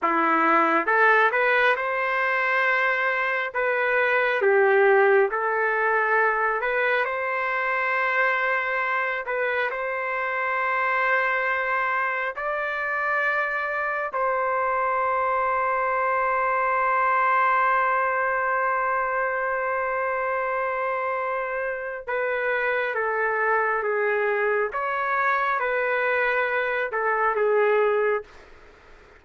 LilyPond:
\new Staff \with { instrumentName = "trumpet" } { \time 4/4 \tempo 4 = 68 e'4 a'8 b'8 c''2 | b'4 g'4 a'4. b'8 | c''2~ c''8 b'8 c''4~ | c''2 d''2 |
c''1~ | c''1~ | c''4 b'4 a'4 gis'4 | cis''4 b'4. a'8 gis'4 | }